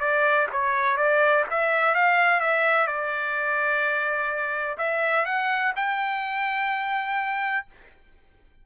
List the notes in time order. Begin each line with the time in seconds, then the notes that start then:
0.00 D5
0.52 C#5
0.97 D5
1.50 E5
1.95 F5
2.40 E5
2.87 D5
4.78 E5
5.26 F#5
5.76 G5